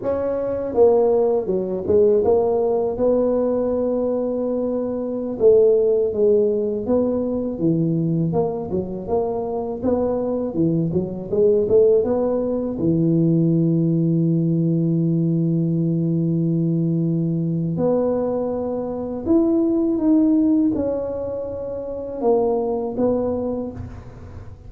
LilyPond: \new Staff \with { instrumentName = "tuba" } { \time 4/4 \tempo 4 = 81 cis'4 ais4 fis8 gis8 ais4 | b2.~ b16 a8.~ | a16 gis4 b4 e4 ais8 fis16~ | fis16 ais4 b4 e8 fis8 gis8 a16~ |
a16 b4 e2~ e8.~ | e1 | b2 e'4 dis'4 | cis'2 ais4 b4 | }